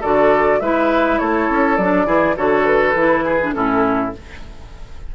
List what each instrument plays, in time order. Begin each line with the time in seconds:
0.00 bassoon D3, clarinet F#4, oboe A4, flute D5
0.60 bassoon G#3, clarinet E4, oboe B4, flute E5
1.18 bassoon A3, oboe A4, flute C#5
1.49 bassoon C#4
1.77 bassoon F#3, clarinet D4, flute D5
2.06 bassoon E3, clarinet E4, oboe G#4
2.36 bassoon D3, clarinet F#4, oboe A4, flute C#5
2.66 flute B4
2.94 bassoon E3, clarinet E4
3.24 oboe G#4
3.42 clarinet D4
3.53 bassoon A2, clarinet C#4, oboe E4, flute A4